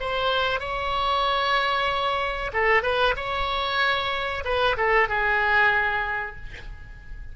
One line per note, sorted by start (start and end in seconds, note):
0.00 0.59 C5
0.59 2.51 C#5
2.53 2.82 A4
2.82 3.14 B4
3.16 4.43 C#5
4.44 4.76 B4
4.77 5.08 A4
5.08 6.36 G#4